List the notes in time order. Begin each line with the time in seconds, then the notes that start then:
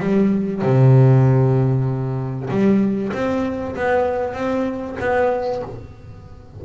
0.00 G3
0.62 C3
2.50 G3
3.13 C4
3.76 B3
4.34 C4
5.00 B3